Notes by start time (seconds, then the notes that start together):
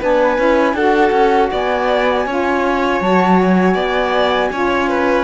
0.00 B3 D4 B4 G#5
0.38 C#4 E4
0.74 D4 F#4 A4 F#5
1.12 C#4
1.52 B3 D5 G#5
2.26 C#4 F4 C#5
3.01 F#3 F#4 A5
3.41 G#5
3.74 B3 D5
4.52 C#4 F4 C#5
4.89 B4